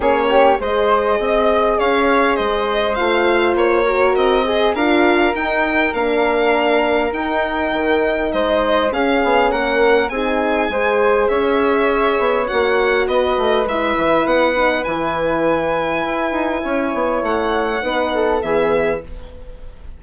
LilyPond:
<<
  \new Staff \with { instrumentName = "violin" } { \time 4/4 \tempo 4 = 101 cis''4 dis''2 f''4 | dis''4 f''4 cis''4 dis''4 | f''4 g''4 f''2 | g''2 dis''4 f''4 |
fis''4 gis''2 e''4~ | e''4 fis''4 dis''4 e''4 | fis''4 gis''2.~ | gis''4 fis''2 e''4 | }
  \new Staff \with { instrumentName = "flute" } { \time 4/4 gis'8 g'8 c''4 dis''4 cis''4 | c''2~ c''8 ais'4 gis'8 | ais'1~ | ais'2 c''4 gis'4 |
ais'4 gis'4 c''4 cis''4~ | cis''2 b'2~ | b'1 | cis''2 b'8 a'8 gis'4 | }
  \new Staff \with { instrumentName = "horn" } { \time 4/4 cis'4 gis'2.~ | gis'4 f'4. fis'4 gis'8 | f'4 dis'4 d'2 | dis'2. cis'4~ |
cis'4 dis'4 gis'2~ | gis'4 fis'2 e'4~ | e'8 dis'8 e'2.~ | e'2 dis'4 b4 | }
  \new Staff \with { instrumentName = "bassoon" } { \time 4/4 ais4 gis4 c'4 cis'4 | gis4 a4 ais4 c'4 | d'4 dis'4 ais2 | dis'4 dis4 gis4 cis'8 b8 |
ais4 c'4 gis4 cis'4~ | cis'8 b8 ais4 b8 a8 gis8 e8 | b4 e2 e'8 dis'8 | cis'8 b8 a4 b4 e4 | }
>>